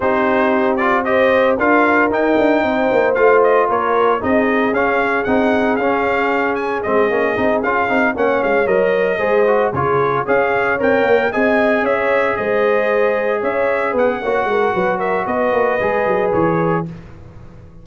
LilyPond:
<<
  \new Staff \with { instrumentName = "trumpet" } { \time 4/4 \tempo 4 = 114 c''4. d''8 dis''4 f''4 | g''2 f''8 dis''8 cis''4 | dis''4 f''4 fis''4 f''4~ | f''8 gis''8 dis''4. f''4 fis''8 |
f''8 dis''2 cis''4 f''8~ | f''8 g''4 gis''4 e''4 dis''8~ | dis''4. e''4 fis''4.~ | fis''8 e''8 dis''2 cis''4 | }
  \new Staff \with { instrumentName = "horn" } { \time 4/4 g'2 c''4 ais'4~ | ais'4 c''2 ais'4 | gis'1~ | gis'2.~ gis'8 cis''8~ |
cis''4. c''4 gis'4 cis''8~ | cis''4. dis''4 cis''4 c''8~ | c''4. cis''4 b'8 cis''8 ais'8 | b'8 ais'8 b'2. | }
  \new Staff \with { instrumentName = "trombone" } { \time 4/4 dis'4. f'8 g'4 f'4 | dis'2 f'2 | dis'4 cis'4 dis'4 cis'4~ | cis'4 c'8 cis'8 dis'8 f'8 dis'8 cis'8~ |
cis'8 ais'4 gis'8 fis'8 f'4 gis'8~ | gis'8 ais'4 gis'2~ gis'8~ | gis'2. fis'4~ | fis'2 gis'2 | }
  \new Staff \with { instrumentName = "tuba" } { \time 4/4 c'2. d'4 | dis'8 d'8 c'8 ais8 a4 ais4 | c'4 cis'4 c'4 cis'4~ | cis'4 gis8 ais8 c'8 cis'8 c'8 ais8 |
gis8 fis4 gis4 cis4 cis'8~ | cis'8 c'8 ais8 c'4 cis'4 gis8~ | gis4. cis'4 b8 ais8 gis8 | fis4 b8 ais8 gis8 fis8 e4 | }
>>